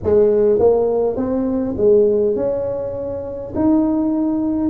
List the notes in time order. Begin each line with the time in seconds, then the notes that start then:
0.03 G#3
0.58 A#3
1.16 C4
1.76 G#3
2.35 C#4
3.55 D#4